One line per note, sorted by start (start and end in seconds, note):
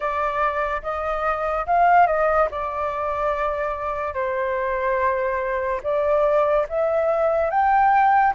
0.00 0.81 D5
0.82 1.66 D#5
1.66 2.06 F5
2.06 2.48 D#5
2.50 4.14 D5
4.14 5.80 C5
5.83 6.66 D5
6.69 7.50 E5
7.50 8.33 G5